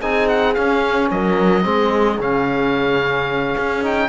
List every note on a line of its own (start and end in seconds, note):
0.00 0.56 C4
0.00 0.55 D#4
0.00 1.09 G#4
0.00 0.28 G#5
0.28 0.54 F#5
0.54 1.62 C#4
0.54 1.11 C#4
0.54 1.08 F5
1.10 1.65 F#3
1.10 1.64 A#4
1.10 2.20 D#5
1.62 2.18 G#3
1.62 2.17 C4
1.62 4.08 G#4
2.18 3.54 C#3
2.18 3.82 C#4
2.18 3.84 F5
3.57 4.08 C#4
3.82 4.08 D#4
3.82 4.08 G5